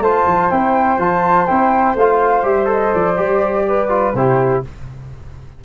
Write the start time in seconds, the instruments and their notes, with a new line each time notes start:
0.00 tuba A3, trombone F4, flute C5 A5
0.27 tuba F3
0.52 tuba C4, trombone E4, flute G5
0.99 tuba F3, trombone F4, flute A5
1.47 tuba C4, trombone E4, flute G5
1.95 tuba A3, trombone F4, flute F5
2.44 tuba G3, trombone G4, flute E5
2.66 trombone A4
2.72 flute D#5
2.95 tuba F3, flute D5
3.17 tuba G3, trombone G4
3.69 flute B4
3.89 trombone F4
4.14 tuba C3, trombone E4, flute G4 C5